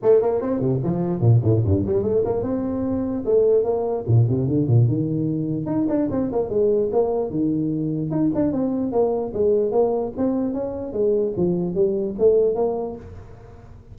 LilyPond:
\new Staff \with { instrumentName = "tuba" } { \time 4/4 \tempo 4 = 148 a8 ais8 c'8 c8 f4 ais,8 a,8 | g,8 g8 a8 ais8 c'2 | a4 ais4 ais,8 c8 d8 ais,8 | dis2 dis'8 d'8 c'8 ais8 |
gis4 ais4 dis2 | dis'8 d'8 c'4 ais4 gis4 | ais4 c'4 cis'4 gis4 | f4 g4 a4 ais4 | }